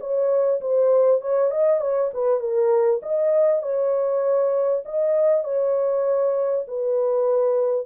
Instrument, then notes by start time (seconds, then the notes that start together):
horn
0.00 C#5
0.61 C5
1.21 C#5
1.51 D#5
1.81 C#5
2.13 B4
2.40 A#4
3.02 D#5
3.62 C#5
4.85 D#5
5.44 C#5
6.68 B4